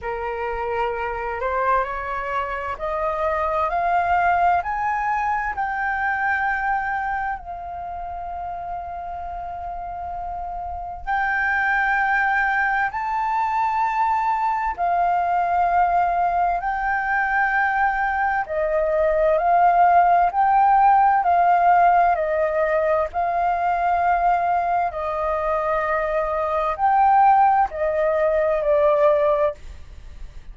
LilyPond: \new Staff \with { instrumentName = "flute" } { \time 4/4 \tempo 4 = 65 ais'4. c''8 cis''4 dis''4 | f''4 gis''4 g''2 | f''1 | g''2 a''2 |
f''2 g''2 | dis''4 f''4 g''4 f''4 | dis''4 f''2 dis''4~ | dis''4 g''4 dis''4 d''4 | }